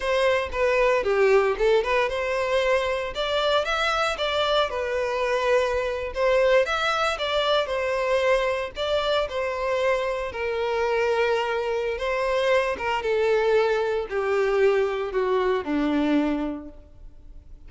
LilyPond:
\new Staff \with { instrumentName = "violin" } { \time 4/4 \tempo 4 = 115 c''4 b'4 g'4 a'8 b'8 | c''2 d''4 e''4 | d''4 b'2~ b'8. c''16~ | c''8. e''4 d''4 c''4~ c''16~ |
c''8. d''4 c''2 ais'16~ | ais'2. c''4~ | c''8 ais'8 a'2 g'4~ | g'4 fis'4 d'2 | }